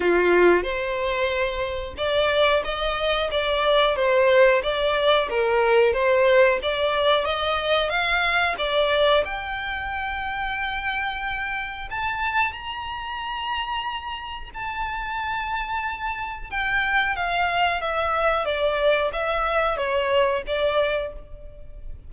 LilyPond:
\new Staff \with { instrumentName = "violin" } { \time 4/4 \tempo 4 = 91 f'4 c''2 d''4 | dis''4 d''4 c''4 d''4 | ais'4 c''4 d''4 dis''4 | f''4 d''4 g''2~ |
g''2 a''4 ais''4~ | ais''2 a''2~ | a''4 g''4 f''4 e''4 | d''4 e''4 cis''4 d''4 | }